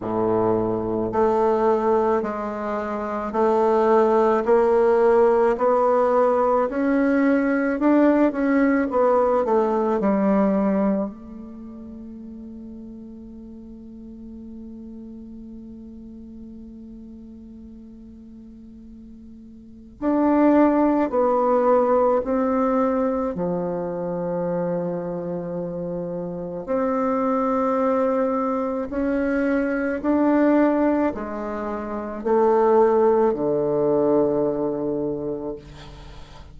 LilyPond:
\new Staff \with { instrumentName = "bassoon" } { \time 4/4 \tempo 4 = 54 a,4 a4 gis4 a4 | ais4 b4 cis'4 d'8 cis'8 | b8 a8 g4 a2~ | a1~ |
a2 d'4 b4 | c'4 f2. | c'2 cis'4 d'4 | gis4 a4 d2 | }